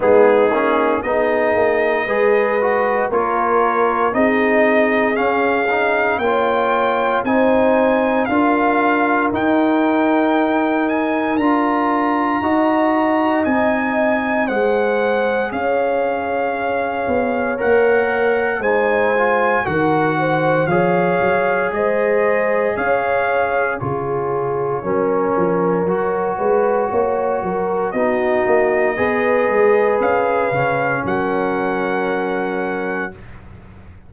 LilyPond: <<
  \new Staff \with { instrumentName = "trumpet" } { \time 4/4 \tempo 4 = 58 gis'4 dis''2 cis''4 | dis''4 f''4 g''4 gis''4 | f''4 g''4. gis''8 ais''4~ | ais''4 gis''4 fis''4 f''4~ |
f''4 fis''4 gis''4 fis''4 | f''4 dis''4 f''4 cis''4~ | cis''2. dis''4~ | dis''4 f''4 fis''2 | }
  \new Staff \with { instrumentName = "horn" } { \time 4/4 dis'4 gis'4 b'4 ais'4 | gis'2 cis''4 c''4 | ais'1 | dis''2 c''4 cis''4~ |
cis''2 c''4 ais'8 c''8 | cis''4 c''4 cis''4 gis'4 | ais'4. b'8 cis''8 ais'8 fis'4 | b'2 ais'2 | }
  \new Staff \with { instrumentName = "trombone" } { \time 4/4 b8 cis'8 dis'4 gis'8 fis'8 f'4 | dis'4 cis'8 dis'8 f'4 dis'4 | f'4 dis'2 f'4 | fis'4 dis'4 gis'2~ |
gis'4 ais'4 dis'8 f'8 fis'4 | gis'2. f'4 | cis'4 fis'2 dis'4 | gis'4. cis'2~ cis'8 | }
  \new Staff \with { instrumentName = "tuba" } { \time 4/4 gis8 ais8 b8 ais8 gis4 ais4 | c'4 cis'4 ais4 c'4 | d'4 dis'2 d'4 | dis'4 c'4 gis4 cis'4~ |
cis'8 b8 ais4 gis4 dis4 | f8 fis8 gis4 cis'4 cis4 | fis8 f8 fis8 gis8 ais8 fis8 b8 ais8 | b8 gis8 cis'8 cis8 fis2 | }
>>